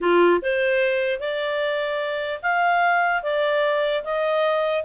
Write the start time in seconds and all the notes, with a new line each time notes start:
0.00 F4
0.42 C5
1.19 D5
2.42 F5
3.23 D5
4.04 D#5